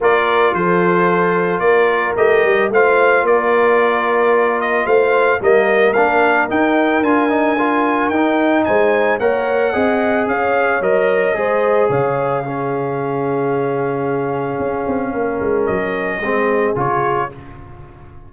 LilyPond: <<
  \new Staff \with { instrumentName = "trumpet" } { \time 4/4 \tempo 4 = 111 d''4 c''2 d''4 | dis''4 f''4 d''2~ | d''8 dis''8 f''4 dis''4 f''4 | g''4 gis''2 g''4 |
gis''4 fis''2 f''4 | dis''2 f''2~ | f''1~ | f''4 dis''2 cis''4 | }
  \new Staff \with { instrumentName = "horn" } { \time 4/4 ais'4 a'2 ais'4~ | ais'4 c''4 ais'2~ | ais'4 c''4 ais'2~ | ais'1 |
c''4 cis''4 dis''4 cis''4~ | cis''4 c''4 cis''4 gis'4~ | gis'1 | ais'2 gis'2 | }
  \new Staff \with { instrumentName = "trombone" } { \time 4/4 f'1 | g'4 f'2.~ | f'2 ais4 d'4 | dis'4 f'8 dis'8 f'4 dis'4~ |
dis'4 ais'4 gis'2 | ais'4 gis'2 cis'4~ | cis'1~ | cis'2 c'4 f'4 | }
  \new Staff \with { instrumentName = "tuba" } { \time 4/4 ais4 f2 ais4 | a8 g8 a4 ais2~ | ais4 a4 g4 ais4 | dis'4 d'2 dis'4 |
gis4 ais4 c'4 cis'4 | fis4 gis4 cis2~ | cis2. cis'8 c'8 | ais8 gis8 fis4 gis4 cis4 | }
>>